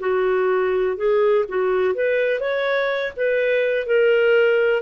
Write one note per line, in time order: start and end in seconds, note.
0.00 0.97 F#4
0.97 1.45 G#4
1.48 1.94 F#4
1.94 2.40 B4
2.40 3.13 C#5
3.17 3.86 B4
3.86 4.82 A#4